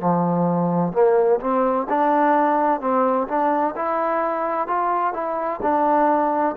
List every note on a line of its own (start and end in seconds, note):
0.00 0.93 F3
0.93 1.40 A#3
1.40 1.87 C4
1.89 2.81 D4
2.81 3.28 C4
3.28 3.75 D4
3.76 4.68 E4
4.68 5.13 F4
5.13 5.60 E4
5.62 6.56 D4